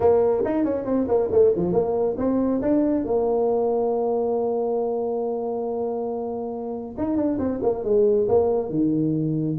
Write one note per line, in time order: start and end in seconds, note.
0.00 0.43 A#3
0.44 0.64 D#4
0.64 0.85 C#4
0.85 1.07 C4
1.08 1.29 A#3
1.31 1.53 A3
1.56 1.72 F3
1.72 2.16 A#3
2.17 2.61 C4
2.61 3.04 D4
3.04 6.95 A#3
6.97 7.16 D#4
7.16 7.38 D4
7.38 7.60 C4
7.62 7.84 A#3
7.84 8.27 G#3
8.28 8.69 A#3
8.69 9.56 D#3